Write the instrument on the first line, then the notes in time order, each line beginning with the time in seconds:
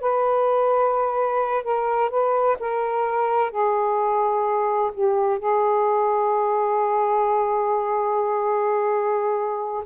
saxophone
0.00 B4
1.64 A#4
2.10 B4
2.60 A#4
3.51 G#4
4.94 G4
5.39 G#4